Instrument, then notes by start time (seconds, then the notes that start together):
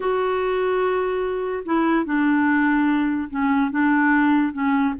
clarinet
0.00 F#4
1.65 E4
2.05 D4
3.30 C#4
3.71 D4
4.53 C#4